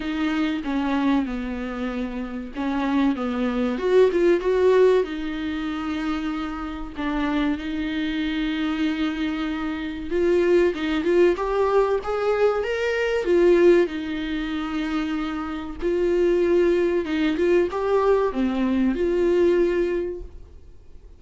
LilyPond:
\new Staff \with { instrumentName = "viola" } { \time 4/4 \tempo 4 = 95 dis'4 cis'4 b2 | cis'4 b4 fis'8 f'8 fis'4 | dis'2. d'4 | dis'1 |
f'4 dis'8 f'8 g'4 gis'4 | ais'4 f'4 dis'2~ | dis'4 f'2 dis'8 f'8 | g'4 c'4 f'2 | }